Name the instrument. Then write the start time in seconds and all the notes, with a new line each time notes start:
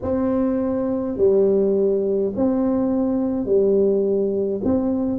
tuba
0.02 C4
1.17 G3
2.35 C4
3.45 G3
4.64 C4